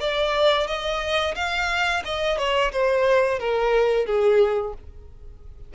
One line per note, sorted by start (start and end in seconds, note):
0.00 0.67 D5
0.67 1.35 D#5
1.35 2.03 F5
2.05 2.38 D#5
2.38 2.72 C#5
2.72 3.39 C5
3.39 4.06 A#4
4.06 4.74 G#4